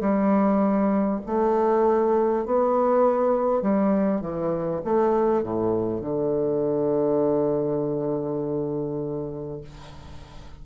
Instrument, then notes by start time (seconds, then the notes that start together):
bassoon
0.00 G3
1.26 A3
2.45 B3
3.62 G3
4.21 E3
4.84 A3
5.43 A2
6.01 D3